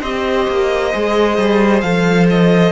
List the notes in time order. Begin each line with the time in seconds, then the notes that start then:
0.00 C4 G4 C5 D#5
0.48 A#3
0.93 G#3 G#4
1.38 G3
1.81 F3 A4 F5
2.30 D#5